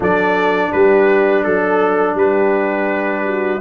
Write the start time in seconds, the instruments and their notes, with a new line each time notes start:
0.00 tuba F#3, trombone D4, horn A4, trumpet D5
0.71 tuba G3, horn G4, trumpet B4
1.43 tuba F#3, trumpet A4, horn A4
2.14 tuba G3, horn G4, trumpet B4
3.25 horn F#4